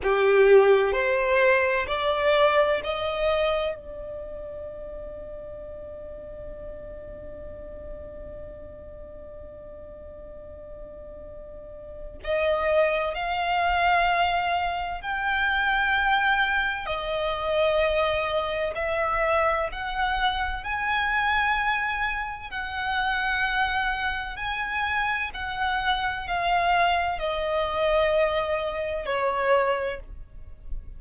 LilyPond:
\new Staff \with { instrumentName = "violin" } { \time 4/4 \tempo 4 = 64 g'4 c''4 d''4 dis''4 | d''1~ | d''1~ | d''4 dis''4 f''2 |
g''2 dis''2 | e''4 fis''4 gis''2 | fis''2 gis''4 fis''4 | f''4 dis''2 cis''4 | }